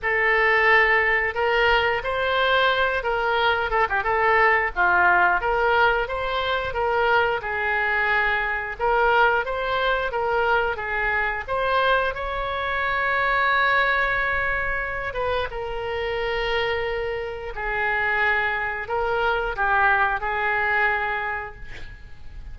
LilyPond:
\new Staff \with { instrumentName = "oboe" } { \time 4/4 \tempo 4 = 89 a'2 ais'4 c''4~ | c''8 ais'4 a'16 g'16 a'4 f'4 | ais'4 c''4 ais'4 gis'4~ | gis'4 ais'4 c''4 ais'4 |
gis'4 c''4 cis''2~ | cis''2~ cis''8 b'8 ais'4~ | ais'2 gis'2 | ais'4 g'4 gis'2 | }